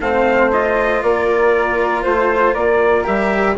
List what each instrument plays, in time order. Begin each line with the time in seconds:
0.00 bassoon A3, cello C4, flute C5, trumpet F5
0.52 cello F4, trumpet D#5
1.03 bassoon A#3, flute A#4, trumpet D5
2.03 bassoon A3, flute C5, trumpet C5
2.54 bassoon A#3, flute A#4, trumpet D5
3.04 bassoon G3, cello G4, trumpet E5